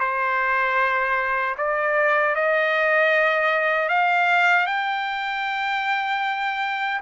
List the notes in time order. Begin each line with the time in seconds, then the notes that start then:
0.00 C5
1.58 D5
2.36 D#5
3.89 F5
4.67 G5